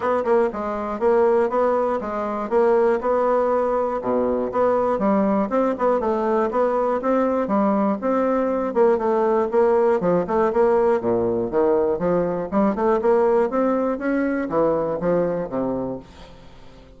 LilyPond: \new Staff \with { instrumentName = "bassoon" } { \time 4/4 \tempo 4 = 120 b8 ais8 gis4 ais4 b4 | gis4 ais4 b2 | b,4 b4 g4 c'8 b8 | a4 b4 c'4 g4 |
c'4. ais8 a4 ais4 | f8 a8 ais4 ais,4 dis4 | f4 g8 a8 ais4 c'4 | cis'4 e4 f4 c4 | }